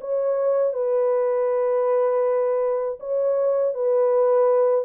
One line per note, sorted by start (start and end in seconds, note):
0.00 0.73 C#5
0.73 2.98 B4
3.00 3.74 C#5
3.74 4.84 B4